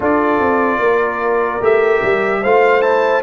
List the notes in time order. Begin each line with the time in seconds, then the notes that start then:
0.00 D4 F4 A4 D5
0.40 C4
0.78 A#3 A#4
1.61 A3 G4 E5
2.03 G3
2.42 A3 F4 C5 F5
2.81 E4 A5